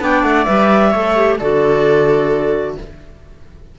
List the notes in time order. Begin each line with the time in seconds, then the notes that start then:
0.00 B3 D4 D5 G5
0.23 A3 F#5
0.44 G3 B4 E5
0.91 A3 A4 C#5
1.16 G4
1.39 D3 F#4 A4 D5